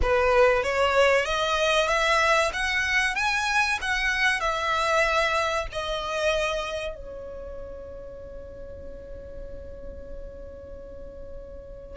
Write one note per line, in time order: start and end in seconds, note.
0.01 0.63 B4
0.63 1.25 C#5
1.25 1.88 D#5
1.88 2.51 E5
2.53 3.15 F#5
3.15 3.78 G#5
3.81 4.40 F#5
4.40 5.66 E5
5.72 6.95 D#5
6.95 11.97 C#5